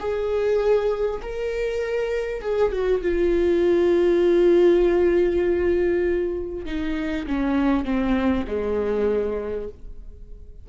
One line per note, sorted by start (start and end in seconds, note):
0.00 1.21 G#4
1.22 2.42 A#4
2.42 2.72 G#4
2.72 3.02 F#4
3.02 6.66 F4
6.66 7.26 D#4
7.27 7.85 C#4
7.85 8.45 C4
8.47 9.69 G#3